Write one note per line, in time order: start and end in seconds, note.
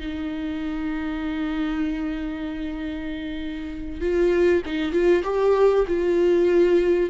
0.00 4.01 D#4
4.01 4.63 F4
4.66 4.92 D#4
4.92 5.23 F4
5.24 5.86 G4
5.88 7.10 F4